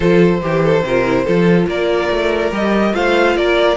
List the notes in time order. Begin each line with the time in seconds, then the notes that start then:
0.00 F3 F4 A4 C5
0.41 E3 G4
0.64 A4
0.82 C3 F4 A#4
1.05 E4
1.24 F3 F4 A4
1.66 A#3 A#4 D5
2.10 A3
2.51 G3 G4 D#5
2.93 A3 F4 C5 F5
3.36 A#3 A#4 D5